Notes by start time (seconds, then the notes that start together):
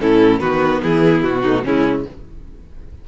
0.00 A2 C#4 E4 A4
0.40 D#3 B3 F#4 B4
0.83 E3 E4 G#4
1.24 B2 F#4
1.42 A3 D#4
1.65 C#3 G#3 C#4 E4